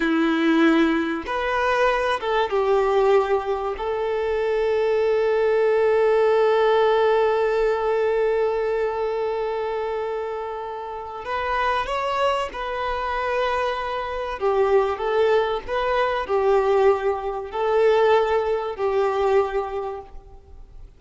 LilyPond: \new Staff \with { instrumentName = "violin" } { \time 4/4 \tempo 4 = 96 e'2 b'4. a'8 | g'2 a'2~ | a'1~ | a'1~ |
a'2 b'4 cis''4 | b'2. g'4 | a'4 b'4 g'2 | a'2 g'2 | }